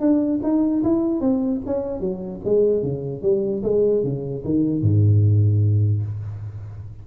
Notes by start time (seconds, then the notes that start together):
0.00 D4
0.43 D#4
0.83 E4
1.20 C4
1.66 C#4
2.00 F#3
2.45 G#3
2.83 C#3
3.22 G3
3.63 G#3
4.03 C#3
4.44 D#3
4.82 G#2